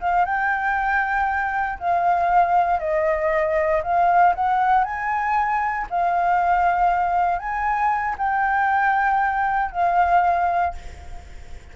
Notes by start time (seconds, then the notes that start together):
0.00 F5
0.25 G5
1.79 F5
2.79 D#5
3.83 F5
4.34 F#5
4.84 G#5
5.90 F5
7.38 G#5
8.18 G5
9.72 F5